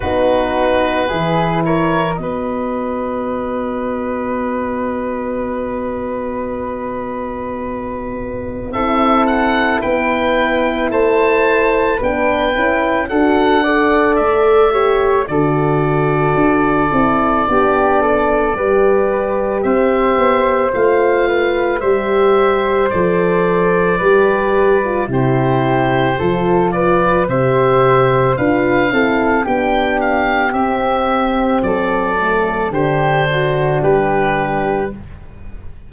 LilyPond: <<
  \new Staff \with { instrumentName = "oboe" } { \time 4/4 \tempo 4 = 55 b'4. cis''8 dis''2~ | dis''1 | e''8 fis''8 g''4 a''4 g''4 | fis''4 e''4 d''2~ |
d''2 e''4 f''4 | e''4 d''2 c''4~ | c''8 d''8 e''4 f''4 g''8 f''8 | e''4 d''4 c''4 b'4 | }
  \new Staff \with { instrumentName = "flute" } { \time 4/4 fis'4 gis'8 ais'8 b'2~ | b'1 | a'4 b'4 c''4 b'4 | a'8 d''4 cis''8 a'2 |
g'8 a'8 b'4 c''4. b'8 | c''2 b'4 g'4 | a'8 b'8 c''4 b'8 a'8 g'4~ | g'4 a'4 g'8 fis'8 g'4 | }
  \new Staff \with { instrumentName = "horn" } { \time 4/4 dis'4 e'4 fis'2~ | fis'1 | e'2. d'8 e'8 | fis'8 a'4 g'8 fis'4. e'8 |
d'4 g'2 f'4 | g'4 a'4 g'8. f'16 e'4 | f'4 g'4 f'8 e'8 d'4 | c'4. a8 d'2 | }
  \new Staff \with { instrumentName = "tuba" } { \time 4/4 b4 e4 b2~ | b1 | c'4 b4 a4 b8 cis'8 | d'4 a4 d4 d'8 c'8 |
b4 g4 c'8 b8 a4 | g4 f4 g4 c4 | f4 c4 d'8 c'8 b4 | c'4 fis4 d4 g4 | }
>>